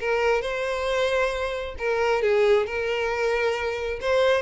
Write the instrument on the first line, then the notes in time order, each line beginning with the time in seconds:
violin
0.00 A#4
0.42 C5
1.79 A#4
2.22 G#4
2.66 A#4
4.01 C5